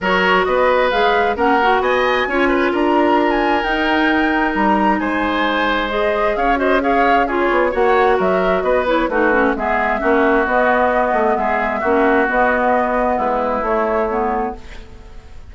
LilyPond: <<
  \new Staff \with { instrumentName = "flute" } { \time 4/4 \tempo 4 = 132 cis''4 dis''4 f''4 fis''4 | gis''2 ais''4~ ais''16 gis''8. | g''2 ais''4 gis''4~ | gis''4 dis''4 f''8 dis''8 f''4 |
cis''4 fis''4 e''4 dis''8 cis''8 | b'4 e''2 dis''4~ | dis''4 e''2 dis''4~ | dis''4 b'4 cis''2 | }
  \new Staff \with { instrumentName = "oboe" } { \time 4/4 ais'4 b'2 ais'4 | dis''4 cis''8 b'8 ais'2~ | ais'2. c''4~ | c''2 cis''8 c''8 cis''4 |
gis'4 cis''4 ais'4 b'4 | fis'4 gis'4 fis'2~ | fis'4 gis'4 fis'2~ | fis'4 e'2. | }
  \new Staff \with { instrumentName = "clarinet" } { \time 4/4 fis'2 gis'4 cis'8 fis'8~ | fis'4 f'2. | dis'1~ | dis'4 gis'4. fis'8 gis'4 |
f'4 fis'2~ fis'8 e'8 | dis'8 cis'8 b4 cis'4 b4~ | b2 cis'4 b4~ | b2 a4 b4 | }
  \new Staff \with { instrumentName = "bassoon" } { \time 4/4 fis4 b4 gis4 ais4 | b4 cis'4 d'2 | dis'2 g4 gis4~ | gis2 cis'2~ |
cis'8 b8 ais4 fis4 b4 | a4 gis4 ais4 b4~ | b8 a8 gis4 ais4 b4~ | b4 gis4 a2 | }
>>